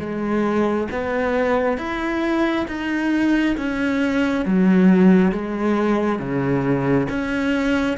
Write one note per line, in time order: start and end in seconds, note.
0.00 0.88 G#3
0.91 1.78 B3
1.78 2.66 E4
2.68 3.57 D#4
3.57 4.46 C#4
4.46 5.32 F#3
5.32 6.20 G#3
6.20 7.08 C#3
7.10 7.98 C#4